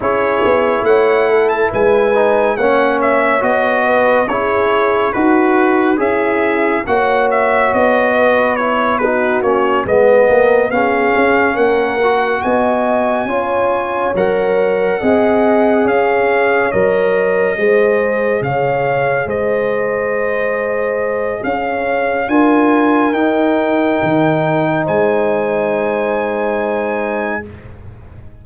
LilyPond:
<<
  \new Staff \with { instrumentName = "trumpet" } { \time 4/4 \tempo 4 = 70 cis''4 fis''8. a''16 gis''4 fis''8 e''8 | dis''4 cis''4 b'4 e''4 | fis''8 e''8 dis''4 cis''8 b'8 cis''8 dis''8~ | dis''8 f''4 fis''4 gis''4.~ |
gis''8 fis''2 f''4 dis''8~ | dis''4. f''4 dis''4.~ | dis''4 f''4 gis''4 g''4~ | g''4 gis''2. | }
  \new Staff \with { instrumentName = "horn" } { \time 4/4 gis'4 cis''8 a'8 b'4 cis''4~ | cis''8 b'8 gis'4 fis'4 e'4 | cis''4. b'4 fis'4 b'8 | ais'8 gis'4 ais'4 dis''4 cis''8~ |
cis''4. dis''4 cis''4.~ | cis''8 c''4 cis''4 c''4.~ | c''4 cis''4 ais'2~ | ais'4 c''2. | }
  \new Staff \with { instrumentName = "trombone" } { \time 4/4 e'2~ e'8 dis'8 cis'4 | fis'4 e'4 fis'4 gis'4 | fis'2 e'8 dis'8 cis'8 b8~ | b8 cis'4. fis'4. f'8~ |
f'8 ais'4 gis'2 ais'8~ | ais'8 gis'2.~ gis'8~ | gis'2 f'4 dis'4~ | dis'1 | }
  \new Staff \with { instrumentName = "tuba" } { \time 4/4 cis'8 b8 a4 gis4 ais4 | b4 cis'4 dis'4 cis'4 | ais4 b2 ais8 gis8 | ais8 b8 cis'8 ais4 b4 cis'8~ |
cis'8 fis4 c'4 cis'4 fis8~ | fis8 gis4 cis4 gis4.~ | gis4 cis'4 d'4 dis'4 | dis4 gis2. | }
>>